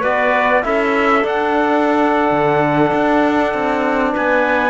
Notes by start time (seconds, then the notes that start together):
0.00 B3 F#4 B4 D5
0.62 C#4 E4 A4 E5
1.22 D4 F#5
2.31 D3
2.93 D4
3.54 C4
4.12 B3 B4 G#5